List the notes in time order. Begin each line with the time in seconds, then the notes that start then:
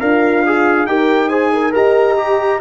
0.00 D4 F4 A#4 F5
0.46 G#4
0.87 D#4 G4 A#4 G5
1.29 G#4 C5 G#5
1.53 A#4
1.72 G4 A#4 D#5 A#5
2.18 G4